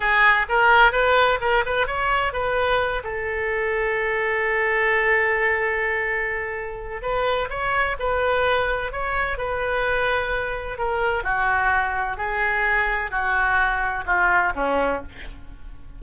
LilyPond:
\new Staff \with { instrumentName = "oboe" } { \time 4/4 \tempo 4 = 128 gis'4 ais'4 b'4 ais'8 b'8 | cis''4 b'4. a'4.~ | a'1~ | a'2. b'4 |
cis''4 b'2 cis''4 | b'2. ais'4 | fis'2 gis'2 | fis'2 f'4 cis'4 | }